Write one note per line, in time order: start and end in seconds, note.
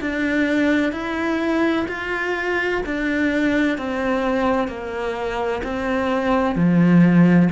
0.00 0.92 D4
0.92 1.86 E4
1.87 2.81 F4
2.86 3.78 D4
3.78 4.67 C4
4.67 5.61 A#3
5.63 6.55 C4
6.55 7.49 F3